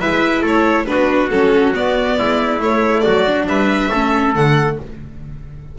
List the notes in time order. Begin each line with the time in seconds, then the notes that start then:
0.00 G#3 E4 B4 E5
0.42 A3 A4 C#5
0.86 B3 D4 F#4 B4
1.30 F#3 C#4 A4
1.74 B3 D5
2.18 G#3 E4
2.59 A3 C#5
3.00 F#3 F#4 D5
3.27 D4
3.47 G3 B4 E5
3.90 A3 C#4 A4
4.35 D3 A3 F#5